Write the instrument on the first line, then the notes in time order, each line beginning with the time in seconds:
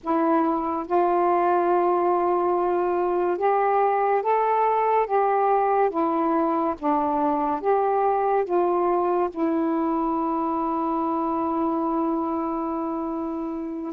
saxophone
0.03 E4
0.86 F4
3.37 G4
4.22 A4
5.06 G4
5.90 E4
6.78 D4
7.61 G4
8.45 F4
9.30 E4